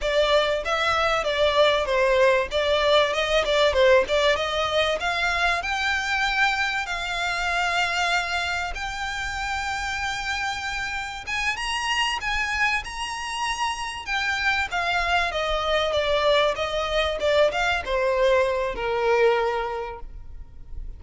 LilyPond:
\new Staff \with { instrumentName = "violin" } { \time 4/4 \tempo 4 = 96 d''4 e''4 d''4 c''4 | d''4 dis''8 d''8 c''8 d''8 dis''4 | f''4 g''2 f''4~ | f''2 g''2~ |
g''2 gis''8 ais''4 gis''8~ | gis''8 ais''2 g''4 f''8~ | f''8 dis''4 d''4 dis''4 d''8 | f''8 c''4. ais'2 | }